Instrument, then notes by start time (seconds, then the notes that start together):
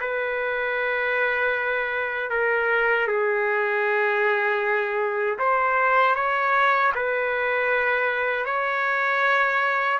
trumpet
0.00 B4
2.30 A#4
3.08 G#4
5.38 C5
6.15 C#5
6.95 B4
8.45 C#5